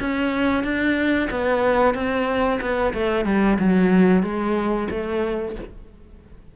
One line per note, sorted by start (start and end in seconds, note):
0.00 0.63 C#4
0.63 1.29 D4
1.30 1.94 B3
1.94 2.60 C4
2.61 2.93 B3
2.93 3.25 A3
3.25 3.58 G3
3.58 4.23 F#3
4.23 4.88 G#3
4.90 5.56 A3